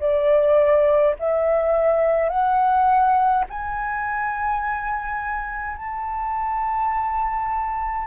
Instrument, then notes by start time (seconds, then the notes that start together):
flute
0.00 D5
1.19 E5
2.29 F#5
3.50 G#5
5.76 A5